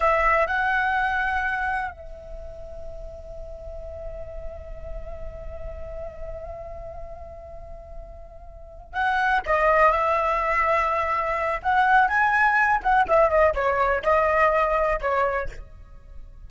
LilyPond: \new Staff \with { instrumentName = "flute" } { \time 4/4 \tempo 4 = 124 e''4 fis''2. | e''1~ | e''1~ | e''1~ |
e''2~ e''8 fis''4 dis''8~ | dis''8 e''2.~ e''8 | fis''4 gis''4. fis''8 e''8 dis''8 | cis''4 dis''2 cis''4 | }